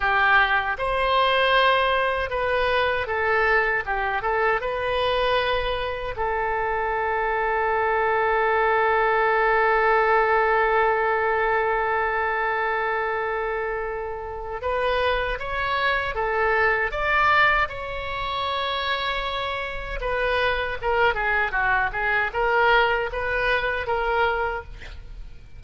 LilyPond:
\new Staff \with { instrumentName = "oboe" } { \time 4/4 \tempo 4 = 78 g'4 c''2 b'4 | a'4 g'8 a'8 b'2 | a'1~ | a'1~ |
a'2. b'4 | cis''4 a'4 d''4 cis''4~ | cis''2 b'4 ais'8 gis'8 | fis'8 gis'8 ais'4 b'4 ais'4 | }